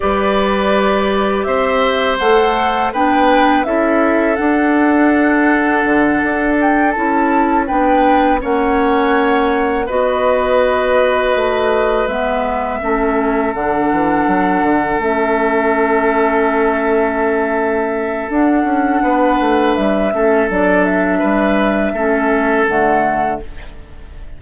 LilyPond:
<<
  \new Staff \with { instrumentName = "flute" } { \time 4/4 \tempo 4 = 82 d''2 e''4 fis''4 | g''4 e''4 fis''2~ | fis''4 g''8 a''4 g''4 fis''8~ | fis''4. dis''2~ dis''8~ |
dis''8 e''2 fis''4.~ | fis''8 e''2.~ e''8~ | e''4 fis''2 e''4 | d''8 e''2~ e''8 fis''4 | }
  \new Staff \with { instrumentName = "oboe" } { \time 4/4 b'2 c''2 | b'4 a'2.~ | a'2~ a'8 b'4 cis''8~ | cis''4. b'2~ b'8~ |
b'4. a'2~ a'8~ | a'1~ | a'2 b'4. a'8~ | a'4 b'4 a'2 | }
  \new Staff \with { instrumentName = "clarinet" } { \time 4/4 g'2. a'4 | d'4 e'4 d'2~ | d'4. e'4 d'4 cis'8~ | cis'4. fis'2~ fis'8~ |
fis'8 b4 cis'4 d'4.~ | d'8 cis'2.~ cis'8~ | cis'4 d'2~ d'8 cis'8 | d'2 cis'4 a4 | }
  \new Staff \with { instrumentName = "bassoon" } { \time 4/4 g2 c'4 a4 | b4 cis'4 d'2 | d8 d'4 cis'4 b4 ais8~ | ais4. b2 a8~ |
a8 gis4 a4 d8 e8 fis8 | d8 a2.~ a8~ | a4 d'8 cis'8 b8 a8 g8 a8 | fis4 g4 a4 d4 | }
>>